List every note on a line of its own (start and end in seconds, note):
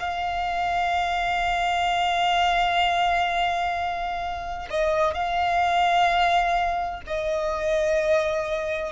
0.00 4.69 F5
4.70 5.14 D#5
5.14 7.02 F5
7.07 8.92 D#5